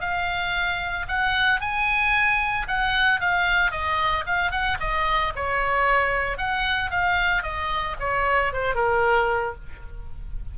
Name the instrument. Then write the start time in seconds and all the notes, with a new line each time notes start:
oboe
0.00 F5
1.08 F#5
1.60 G#5
2.67 F#5
3.20 F5
3.71 D#5
4.26 F5
4.51 F#5
4.80 D#5
5.35 C#5
6.37 F#5
6.90 F5
7.43 D#5
7.99 C#5
8.53 C5
8.75 A#4